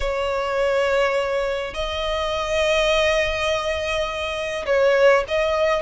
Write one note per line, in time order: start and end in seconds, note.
0.00 1.74 C#5
1.74 4.65 D#5
4.66 5.24 C#5
5.28 5.81 D#5